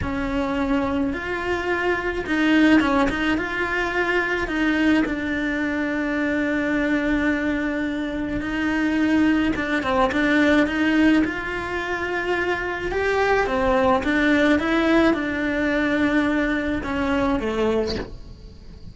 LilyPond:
\new Staff \with { instrumentName = "cello" } { \time 4/4 \tempo 4 = 107 cis'2 f'2 | dis'4 cis'8 dis'8 f'2 | dis'4 d'2.~ | d'2. dis'4~ |
dis'4 d'8 c'8 d'4 dis'4 | f'2. g'4 | c'4 d'4 e'4 d'4~ | d'2 cis'4 a4 | }